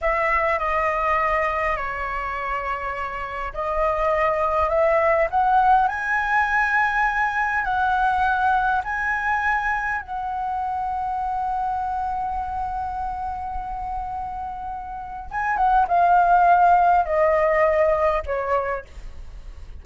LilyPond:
\new Staff \with { instrumentName = "flute" } { \time 4/4 \tempo 4 = 102 e''4 dis''2 cis''4~ | cis''2 dis''2 | e''4 fis''4 gis''2~ | gis''4 fis''2 gis''4~ |
gis''4 fis''2.~ | fis''1~ | fis''2 gis''8 fis''8 f''4~ | f''4 dis''2 cis''4 | }